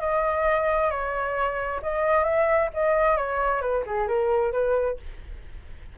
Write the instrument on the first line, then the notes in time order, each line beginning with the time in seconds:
flute
0.00 D#5
0.90 C#5
1.82 D#5
2.24 E5
2.74 D#5
3.17 C#5
3.61 B4
3.86 G#4
4.08 A#4
4.52 B4